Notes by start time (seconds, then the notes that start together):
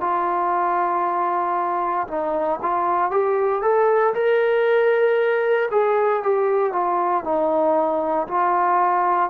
0.00 F4
2.07 D#4
2.62 F4
3.10 G4
3.62 A4
4.14 A#4
5.71 G#4
6.23 G4
6.72 F4
7.24 D#4
8.27 F4